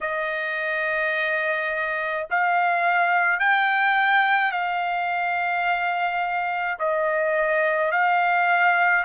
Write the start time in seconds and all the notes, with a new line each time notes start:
0.01 D#5
2.30 F5
3.39 G5
4.51 F5
6.79 D#5
7.91 F5